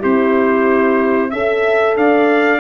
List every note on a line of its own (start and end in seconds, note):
0.00 1.32 C4
0.00 1.30 E4
0.00 1.29 G4
0.00 1.31 C5
1.29 1.96 C#4
1.29 2.60 A4
1.29 1.94 E5
1.29 1.96 E5
1.96 2.60 D4
1.96 2.60 D5
1.96 2.60 F5